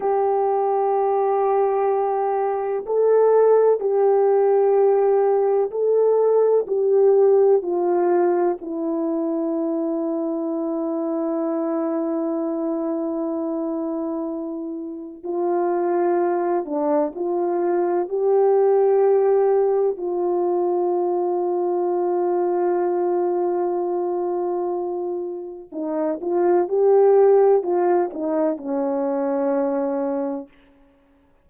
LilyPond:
\new Staff \with { instrumentName = "horn" } { \time 4/4 \tempo 4 = 63 g'2. a'4 | g'2 a'4 g'4 | f'4 e'2.~ | e'1 |
f'4. d'8 f'4 g'4~ | g'4 f'2.~ | f'2. dis'8 f'8 | g'4 f'8 dis'8 cis'2 | }